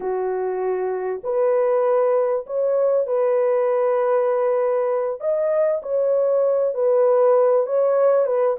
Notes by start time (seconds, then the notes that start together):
0.00 F#4
1.23 B4
2.46 C#5
3.06 B4
5.20 D#5
5.82 C#5
6.74 B4
7.66 C#5
8.26 B4